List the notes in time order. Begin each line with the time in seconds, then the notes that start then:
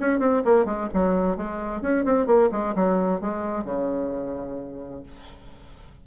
0.00 C#4
0.19 C4
0.45 A#3
0.65 G#3
0.94 F#3
1.37 G#3
1.82 C#4
2.05 C4
2.27 A#3
2.52 G#3
2.75 F#3
3.21 G#3
3.65 C#3